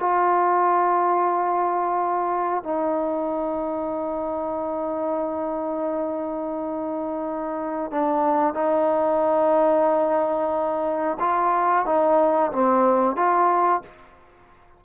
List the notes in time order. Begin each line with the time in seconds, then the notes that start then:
0.00 F4
2.64 D#4
7.91 D4
8.54 D#4
11.20 F4
11.86 D#4
12.52 C4
13.17 F4